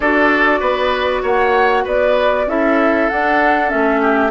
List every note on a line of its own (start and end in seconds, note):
0.00 0.61 D4
0.00 2.48 F#4
0.00 0.59 A4
0.00 1.23 D5
0.59 1.22 B3
0.59 1.21 B4
1.22 1.85 A#3
1.22 1.84 C#5
1.22 1.86 F#5
1.84 2.46 B3
1.84 2.45 B4
1.84 2.48 D5
2.46 3.08 C#4
2.46 3.10 E4
2.46 4.01 A4
2.46 3.09 E5
3.09 3.68 D4
3.09 3.73 D4
3.09 3.69 F#5
3.68 4.30 A3
3.68 4.30 C#4
3.68 4.30 E5
4.01 4.30 G4